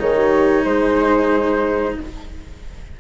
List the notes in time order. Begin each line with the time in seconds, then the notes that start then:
0.00 D#3 D#4 G#4 C#5
0.15 G4
0.65 G#3 G#4 C5